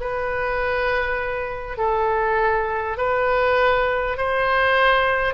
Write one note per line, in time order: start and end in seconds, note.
0.00 1.77 B4
1.77 2.97 A4
2.97 4.17 B4
4.17 5.34 C5